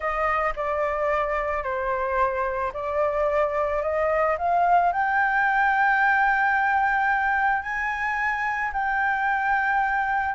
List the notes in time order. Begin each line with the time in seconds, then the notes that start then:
0.00 D#5
0.56 D5
1.63 C5
2.73 D5
3.82 D#5
4.38 F5
4.92 G5
7.62 G#5
8.72 G5